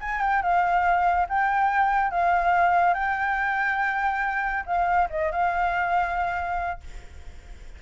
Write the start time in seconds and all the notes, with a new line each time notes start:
0.00 G#5
0.21 G5
0.42 F5
1.29 G5
2.10 F5
2.94 G5
4.66 F5
5.10 D#5
5.31 F5